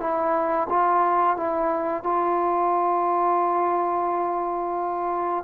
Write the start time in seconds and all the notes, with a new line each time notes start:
0.00 E4
0.70 F4
1.37 E4
2.04 F4